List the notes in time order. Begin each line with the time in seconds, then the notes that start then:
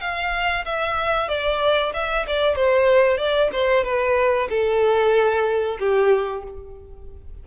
0.00 F5
0.65 E5
1.28 D5
1.93 E5
2.27 D5
2.55 C5
3.17 D5
3.52 C5
3.84 B4
4.49 A4
5.79 G4